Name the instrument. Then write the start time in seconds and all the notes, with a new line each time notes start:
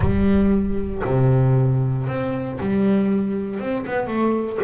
double bass
0.00 G3
1.04 C3
2.07 C4
2.59 G3
3.59 C4
3.86 B3
4.07 A3